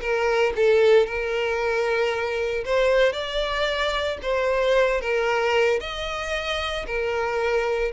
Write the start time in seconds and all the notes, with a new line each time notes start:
0.00 A#4
0.56 A4
1.06 A#4
2.65 C5
3.12 D5
4.22 C5
5.00 A#4
5.80 D#5
6.86 A#4